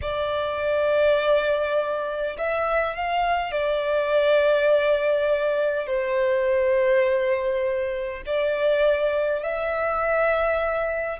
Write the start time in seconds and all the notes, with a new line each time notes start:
0.01 D5
2.38 E5
2.96 F5
3.51 D5
5.87 C5
8.26 D5
9.43 E5